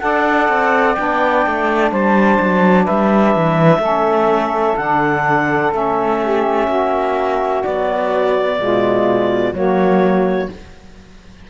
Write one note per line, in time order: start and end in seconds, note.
0.00 0.48 D4
0.00 0.95 A4
0.00 1.91 D5
0.00 0.94 F#5
0.48 0.96 C4
0.94 1.46 B3
0.94 3.81 D4
0.94 1.89 G5
1.46 1.91 A3
1.91 2.39 G3
1.91 2.84 C5
1.91 2.86 A5
2.40 2.87 F#3
2.84 3.36 G3
2.84 3.79 B4
2.84 4.77 E5
3.36 3.78 E3
3.78 4.73 A3
3.78 4.76 C#4
3.78 6.18 A4
4.77 5.72 D3
4.77 5.72 D4
4.77 5.72 F#5
5.72 6.68 A3
5.72 7.62 C#4
5.72 7.63 E5
6.23 6.67 G4
6.67 7.63 A#3
6.67 8.57 F#4
7.63 8.58 F#3
7.63 8.60 B3
7.63 9.54 D5
8.58 9.53 B2
8.58 9.53 G#3
8.58 9.54 F4
9.53 10.48 F#3
9.53 10.49 A#3
9.53 10.49 F#4
9.53 10.50 C#5